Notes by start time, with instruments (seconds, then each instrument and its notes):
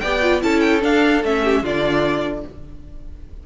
0.00 cello B3, viola G4, violin D5 G5
0.22 viola F4
0.41 cello C#4, viola E4, violin A4 A5
0.60 violin G5
0.81 viola D4, cello D4, violin F5
1.23 cello A3, viola C#4, violin E5
1.44 violin G4
1.63 cello D3, viola D4, violin F4 D5